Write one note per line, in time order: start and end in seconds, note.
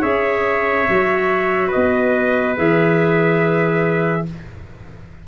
0.00 0.88 C#4
0.00 0.86 G#4
0.00 1.68 C#5
0.00 1.71 E5
0.88 1.74 F#3
0.88 2.57 F#4
1.68 4.21 B4
1.68 2.57 D#5
1.76 2.58 B3
2.57 4.27 E3
2.57 4.26 G#4
2.57 4.28 E5